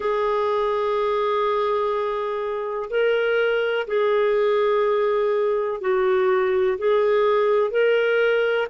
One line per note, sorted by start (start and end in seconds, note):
0.00 2.89 G#4
2.90 3.87 A#4
3.87 5.80 G#4
5.81 6.77 F#4
6.77 7.70 G#4
7.70 8.67 A#4